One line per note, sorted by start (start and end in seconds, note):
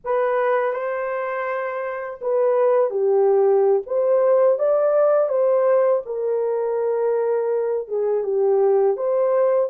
0.04 0.73 B4
0.73 2.19 C5
2.21 2.90 B4
2.90 3.81 G4
3.86 4.58 C5
4.58 5.28 D5
5.28 6.02 C5
6.05 7.88 A#4
7.88 8.23 G#4
8.23 8.96 G4
8.96 9.70 C5